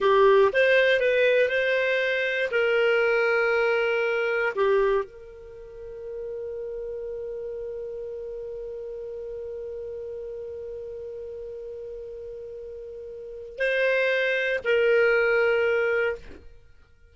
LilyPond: \new Staff \with { instrumentName = "clarinet" } { \time 4/4 \tempo 4 = 119 g'4 c''4 b'4 c''4~ | c''4 ais'2.~ | ais'4 g'4 ais'2~ | ais'1~ |
ais'1~ | ais'1~ | ais'2. c''4~ | c''4 ais'2. | }